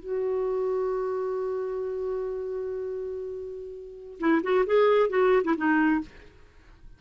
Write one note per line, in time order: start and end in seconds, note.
0.00 4.19 F#4
4.20 4.42 E4
4.43 4.65 F#4
4.66 5.10 G#4
5.10 5.43 F#4
5.45 5.56 E4
5.57 6.01 D#4